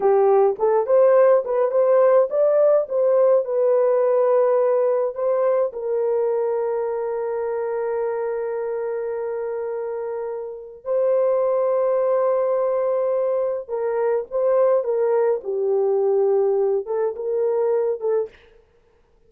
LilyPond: \new Staff \with { instrumentName = "horn" } { \time 4/4 \tempo 4 = 105 g'4 a'8 c''4 b'8 c''4 | d''4 c''4 b'2~ | b'4 c''4 ais'2~ | ais'1~ |
ais'2. c''4~ | c''1 | ais'4 c''4 ais'4 g'4~ | g'4. a'8 ais'4. a'8 | }